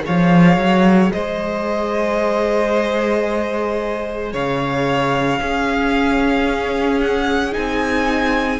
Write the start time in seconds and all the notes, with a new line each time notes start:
0.00 G#4 C#5
0.06 F3 F5
0.57 F#3
1.12 G#3 C5 D#5
4.33 C#3 C#5 F5
5.40 C#4 G#4
7.00 F#5
7.52 C4 D#4 G#5